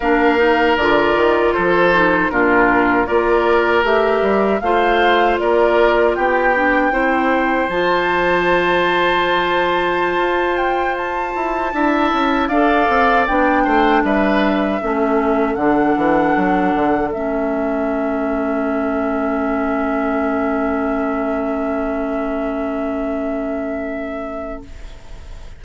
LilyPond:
<<
  \new Staff \with { instrumentName = "flute" } { \time 4/4 \tempo 4 = 78 f''4 d''4 c''4 ais'4 | d''4 e''4 f''4 d''4 | g''2 a''2~ | a''4.~ a''16 g''8 a''4.~ a''16~ |
a''16 f''4 g''4 e''4.~ e''16~ | e''16 fis''2 e''4.~ e''16~ | e''1~ | e''1 | }
  \new Staff \with { instrumentName = "oboe" } { \time 4/4 ais'2 a'4 f'4 | ais'2 c''4 ais'4 | g'4 c''2.~ | c''2.~ c''16 e''8.~ |
e''16 d''4. c''8 b'4 a'8.~ | a'1~ | a'1~ | a'1 | }
  \new Staff \with { instrumentName = "clarinet" } { \time 4/4 d'8 dis'8 f'4. dis'8 d'4 | f'4 g'4 f'2~ | f'8 d'8 e'4 f'2~ | f'2.~ f'16 e'8.~ |
e'16 a'4 d'2 cis'8.~ | cis'16 d'2 cis'4.~ cis'16~ | cis'1~ | cis'1 | }
  \new Staff \with { instrumentName = "bassoon" } { \time 4/4 ais4 d8 dis8 f4 ais,4 | ais4 a8 g8 a4 ais4 | b4 c'4 f2~ | f4~ f16 f'4. e'8 d'8 cis'16~ |
cis'16 d'8 c'8 b8 a8 g4 a8.~ | a16 d8 e8 fis8 d8 a4.~ a16~ | a1~ | a1 | }
>>